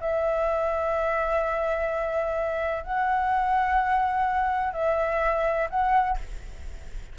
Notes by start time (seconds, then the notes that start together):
0.00 E5
2.84 F#5
4.73 E5
5.70 F#5